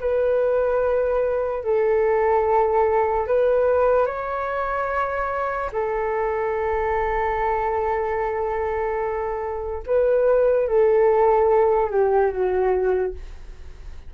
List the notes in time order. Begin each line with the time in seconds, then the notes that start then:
0.00 B4
1.64 A4
3.27 B4
4.06 C#5
5.72 A4
9.86 B4
10.68 A4
11.90 G4
12.31 F#4